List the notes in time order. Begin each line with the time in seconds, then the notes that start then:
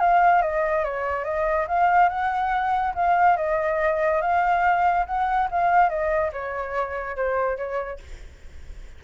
0.00 F5
0.42 D#5
0.85 C#5
1.24 D#5
1.68 F5
2.09 F#5
2.95 F5
3.37 D#5
4.21 F5
5.06 F#5
5.51 F5
5.89 D#5
6.33 C#5
7.17 C5
7.57 C#5